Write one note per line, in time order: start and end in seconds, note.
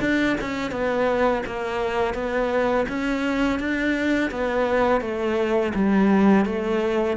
0.00 0.36 D4
0.41 0.71 C#4
0.71 1.43 B3
1.46 2.14 A#3
2.14 2.85 B3
2.88 3.59 C#4
3.59 4.31 D4
4.31 5.01 B3
5.01 5.72 A3
5.74 6.45 G3
6.45 7.17 A3